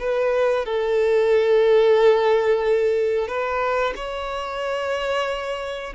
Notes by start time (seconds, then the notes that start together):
0.00 B4
0.65 A4
3.28 B4
3.96 C#5